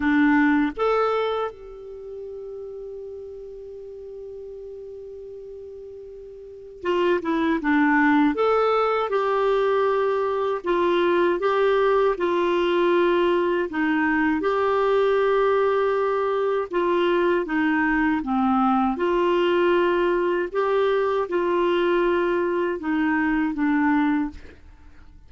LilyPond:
\new Staff \with { instrumentName = "clarinet" } { \time 4/4 \tempo 4 = 79 d'4 a'4 g'2~ | g'1~ | g'4 f'8 e'8 d'4 a'4 | g'2 f'4 g'4 |
f'2 dis'4 g'4~ | g'2 f'4 dis'4 | c'4 f'2 g'4 | f'2 dis'4 d'4 | }